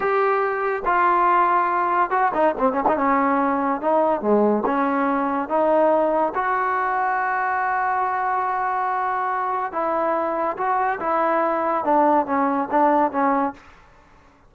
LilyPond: \new Staff \with { instrumentName = "trombone" } { \time 4/4 \tempo 4 = 142 g'2 f'2~ | f'4 fis'8 dis'8 c'8 cis'16 dis'16 cis'4~ | cis'4 dis'4 gis4 cis'4~ | cis'4 dis'2 fis'4~ |
fis'1~ | fis'2. e'4~ | e'4 fis'4 e'2 | d'4 cis'4 d'4 cis'4 | }